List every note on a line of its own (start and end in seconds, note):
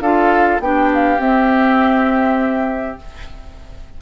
0.00 0.59 D4
0.00 0.62 F4
0.00 0.61 A4
0.00 0.60 F5
0.59 1.19 B3
0.59 1.18 D4
0.59 3.01 G4
0.59 0.91 G5
0.94 1.21 F5
1.18 2.96 C4
1.18 2.97 C4
1.18 2.99 E5